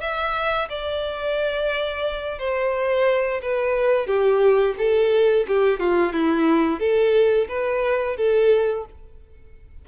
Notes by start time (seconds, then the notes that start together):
0.00 E5
0.69 D5
2.39 C5
3.42 B4
4.07 G4
4.78 A4
5.47 G4
5.79 F4
6.13 E4
6.79 A4
7.48 B4
8.17 A4